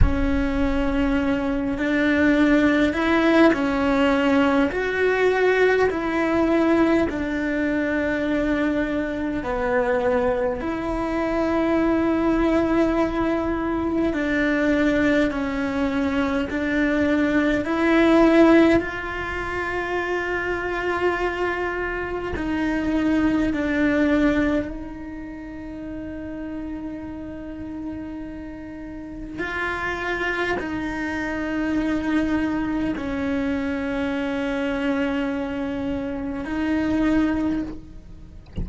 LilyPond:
\new Staff \with { instrumentName = "cello" } { \time 4/4 \tempo 4 = 51 cis'4. d'4 e'8 cis'4 | fis'4 e'4 d'2 | b4 e'2. | d'4 cis'4 d'4 e'4 |
f'2. dis'4 | d'4 dis'2.~ | dis'4 f'4 dis'2 | cis'2. dis'4 | }